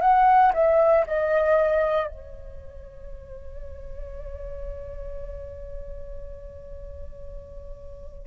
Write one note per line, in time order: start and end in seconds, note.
0.00 0.52 F#5
0.53 1.05 E5
1.06 2.07 D#5
2.07 8.27 C#5